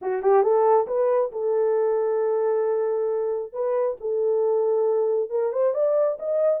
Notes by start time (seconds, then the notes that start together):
0.01 F#4
0.22 G4
0.43 A4
0.87 B4
1.32 A4
3.53 B4
4.00 A4
5.30 A#4
5.52 C5
5.74 D5
6.19 D#5